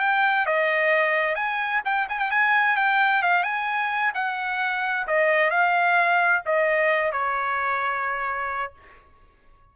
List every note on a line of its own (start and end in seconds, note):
0.00 0.46 G5
0.46 1.36 D#5
1.36 1.82 G#5
1.85 2.08 G5
2.09 2.19 G#5
2.19 2.31 G5
2.31 2.77 G#5
2.77 3.23 G5
3.23 3.43 F5
3.43 4.13 G#5
4.15 5.07 F#5
5.07 5.51 D#5
5.51 6.43 F5
6.46 7.12 D#5
7.12 8.74 C#5